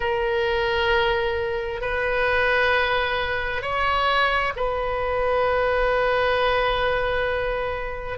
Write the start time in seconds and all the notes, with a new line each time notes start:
0.00 A#4
1.81 B4
3.62 C#5
4.55 B4